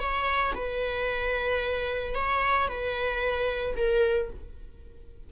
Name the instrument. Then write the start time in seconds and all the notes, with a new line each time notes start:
viola
0.00 C#5
0.55 B4
2.15 C#5
2.68 B4
3.77 A#4